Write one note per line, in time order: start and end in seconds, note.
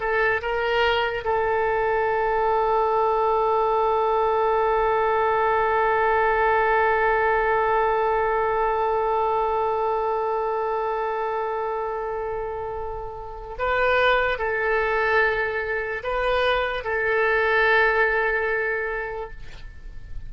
0.00 0.41 A4
0.41 1.24 A#4
1.24 13.57 A4
13.58 14.38 B4
14.38 16.02 A4
16.03 16.83 B4
16.83 19.30 A4